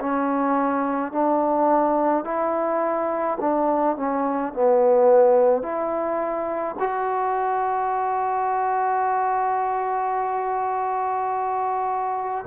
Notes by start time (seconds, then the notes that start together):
0.00 C#4
1.12 D4
2.25 E4
3.41 D4
3.97 C#4
4.53 B3
5.62 E4
6.79 F#4